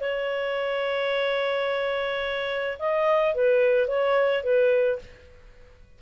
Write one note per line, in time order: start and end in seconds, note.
0.00 2.78 C#5
2.79 3.35 D#5
3.35 3.88 B4
3.88 4.43 C#5
4.43 4.99 B4